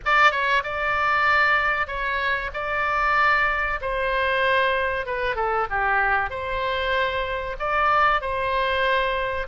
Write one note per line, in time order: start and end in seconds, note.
0.05 0.31 D5
0.31 0.63 C#5
0.63 1.87 D5
1.87 2.50 C#5
2.53 3.80 D5
3.81 5.06 C5
5.06 5.35 B4
5.35 5.67 A4
5.70 6.30 G4
6.30 7.56 C5
7.59 8.21 D5
8.21 9.47 C5